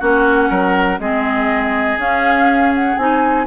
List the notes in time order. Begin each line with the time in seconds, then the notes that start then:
0.00 A#3 C#4 F#4 F#5
0.50 F#3 A#4
0.99 G#3 C4 G#4 D#5
1.98 C#4 F5
2.75 F#5
2.98 C4 D#4 G#5